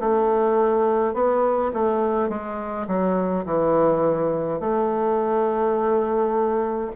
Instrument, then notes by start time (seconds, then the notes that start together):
bassoon
0.00 A3
1.14 B3
1.74 A3
2.29 G#3
2.87 F#3
3.46 E3
4.60 A3